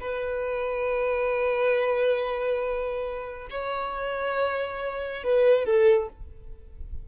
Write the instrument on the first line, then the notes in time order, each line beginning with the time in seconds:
violin
0.00 B4
3.50 C#5
5.23 B4
5.65 A4